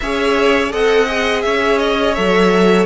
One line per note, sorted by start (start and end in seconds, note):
0.00 0.72 C#4
0.00 0.70 G#4
0.00 0.72 C#5
0.00 0.72 E5
0.70 1.44 C4
0.70 1.06 A4
0.70 1.44 D#5
0.70 1.42 F#5
1.07 2.15 G#4
1.42 2.17 C#4
1.42 2.86 C#5
1.42 1.78 E5
1.78 2.13 D#5
2.13 2.86 F#3
2.13 2.86 A4
2.13 2.86 E5